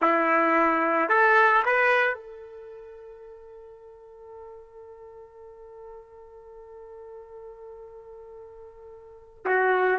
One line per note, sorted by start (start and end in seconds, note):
0.01 1.08 E4
1.08 1.62 A4
1.65 2.14 B4
2.14 9.43 A4
9.44 9.98 F#4